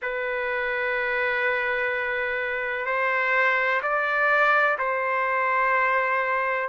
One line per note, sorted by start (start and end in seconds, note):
0.02 2.86 B4
2.86 3.81 C5
3.82 4.77 D5
4.78 6.68 C5